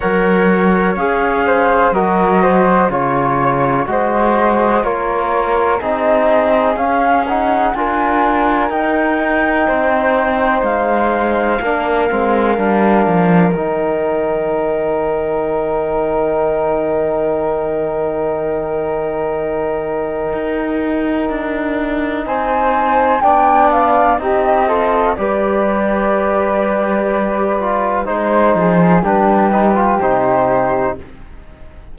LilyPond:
<<
  \new Staff \with { instrumentName = "flute" } { \time 4/4 \tempo 4 = 62 fis''4 f''4 dis''4 cis''4 | dis''4 cis''4 dis''4 f''8 fis''8 | gis''4 g''2 f''4~ | f''2 g''2~ |
g''1~ | g''2. gis''4 | g''8 f''8 dis''4 d''2~ | d''4 c''4 b'4 c''4 | }
  \new Staff \with { instrumentName = "flute" } { \time 4/4 cis''4. c''8 ais'8 c''8 cis''4 | c''4 ais'4 gis'2 | ais'2 c''2 | ais'1~ |
ais'1~ | ais'2. c''4 | d''4 g'8 a'8 b'2~ | b'4 c''8 gis'8 g'2 | }
  \new Staff \with { instrumentName = "trombone" } { \time 4/4 ais'4 gis'4 fis'4 f'4 | fis'4 f'4 dis'4 cis'8 dis'8 | f'4 dis'2. | d'8 c'8 d'4 dis'2~ |
dis'1~ | dis'1 | d'4 dis'8 f'8 g'2~ | g'8 f'8 dis'4 d'8 dis'16 f'16 dis'4 | }
  \new Staff \with { instrumentName = "cello" } { \time 4/4 fis4 cis'4 fis4 cis4 | gis4 ais4 c'4 cis'4 | d'4 dis'4 c'4 gis4 | ais8 gis8 g8 f8 dis2~ |
dis1~ | dis4 dis'4 d'4 c'4 | b4 c'4 g2~ | g4 gis8 f8 g4 c4 | }
>>